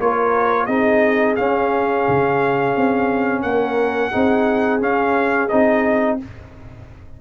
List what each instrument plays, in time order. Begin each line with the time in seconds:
0.00 tuba A#3, trombone F4, horn A#4, trumpet C#5
0.66 tuba C4, trombone D#4, horn G#4, trumpet D#5
1.36 trombone C#4, tuba C#4, trumpet F5
2.08 tuba C#3
2.77 tuba C4
3.43 tuba A#3, horn A#4, trumpet F#5
4.11 tuba C4, trombone D#4, horn G#4
4.81 trombone C#4, tuba C#4, trumpet F5
5.49 tuba C4, trombone D#4, trumpet D#5